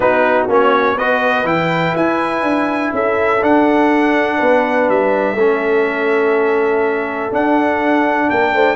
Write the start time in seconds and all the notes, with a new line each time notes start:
0.00 B3 D#4 F#4 B4
0.48 A#3 C#4 C#5
0.95 B3 F#4 B4 D#5
1.44 E3 E4 G5
1.95 E4 G#5
2.42 D4
2.93 C#4 A4 E5
3.41 D4 F#5
4.37 B3 B4
4.89 G3 E5
5.34 A3 C#4 A4
7.31 D4 F#5
8.28 A#3 A#4 G5
8.53 A3 C5